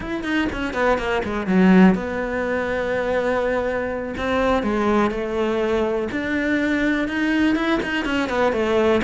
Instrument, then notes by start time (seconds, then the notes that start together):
cello
0.00 E4
0.23 D#4
0.52 C#4
0.73 B3
0.98 A#3
1.23 G#3
1.46 F#3
1.94 B3
4.17 C4
4.62 G#3
5.10 A3
6.11 D4
7.08 D#4
7.55 E4
7.82 D#4
8.05 C#4
8.29 B3
8.52 A3